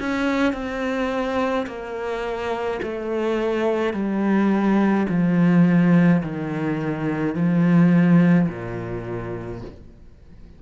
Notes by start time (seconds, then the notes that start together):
0.00 C#4
0.53 C4
1.67 A#3
2.83 A3
3.94 G3
5.09 F3
6.23 D#3
7.35 F3
8.49 A#2